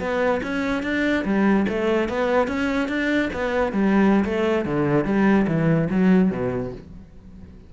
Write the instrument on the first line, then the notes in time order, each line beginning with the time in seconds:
cello
0.00 B3
0.43 C#4
0.83 D4
1.25 G3
1.69 A3
2.09 B3
2.48 C#4
2.89 D4
3.33 B3
3.73 G3
4.25 A3
4.66 D3
5.05 G3
5.48 E3
5.90 F#3
6.31 B2